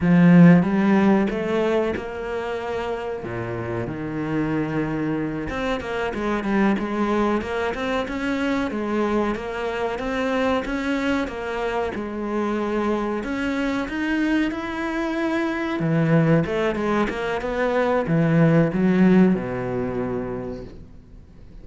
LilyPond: \new Staff \with { instrumentName = "cello" } { \time 4/4 \tempo 4 = 93 f4 g4 a4 ais4~ | ais4 ais,4 dis2~ | dis8 c'8 ais8 gis8 g8 gis4 ais8 | c'8 cis'4 gis4 ais4 c'8~ |
c'8 cis'4 ais4 gis4.~ | gis8 cis'4 dis'4 e'4.~ | e'8 e4 a8 gis8 ais8 b4 | e4 fis4 b,2 | }